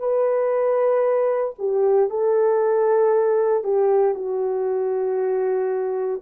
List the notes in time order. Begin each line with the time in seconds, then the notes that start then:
0.00 B4
1.59 G4
2.10 A4
3.64 G4
4.15 F#4